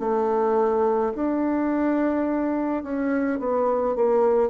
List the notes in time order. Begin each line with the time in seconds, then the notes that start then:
0.00 A3
1.15 D4
2.83 C#4
3.40 B3
3.96 A#3